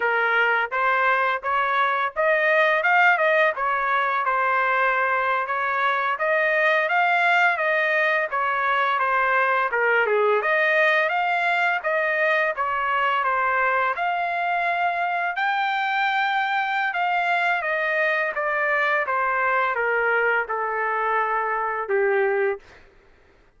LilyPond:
\new Staff \with { instrumentName = "trumpet" } { \time 4/4 \tempo 4 = 85 ais'4 c''4 cis''4 dis''4 | f''8 dis''8 cis''4 c''4.~ c''16 cis''16~ | cis''8. dis''4 f''4 dis''4 cis''16~ | cis''8. c''4 ais'8 gis'8 dis''4 f''16~ |
f''8. dis''4 cis''4 c''4 f''16~ | f''4.~ f''16 g''2~ g''16 | f''4 dis''4 d''4 c''4 | ais'4 a'2 g'4 | }